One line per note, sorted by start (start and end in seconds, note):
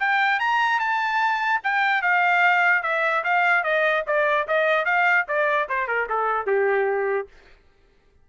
0.00 0.40 G5
0.40 0.80 A#5
0.80 1.61 A5
1.64 2.02 G5
2.02 2.83 F5
2.83 3.24 E5
3.24 3.64 F5
3.64 4.04 D#5
4.07 4.47 D5
4.48 4.85 D#5
4.85 5.26 F5
5.28 5.69 D5
5.69 5.88 C5
5.88 6.08 A#4
6.09 6.47 A4
6.47 7.28 G4